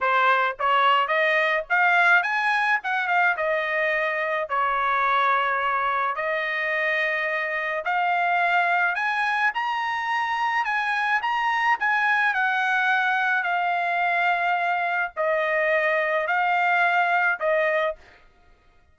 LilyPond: \new Staff \with { instrumentName = "trumpet" } { \time 4/4 \tempo 4 = 107 c''4 cis''4 dis''4 f''4 | gis''4 fis''8 f''8 dis''2 | cis''2. dis''4~ | dis''2 f''2 |
gis''4 ais''2 gis''4 | ais''4 gis''4 fis''2 | f''2. dis''4~ | dis''4 f''2 dis''4 | }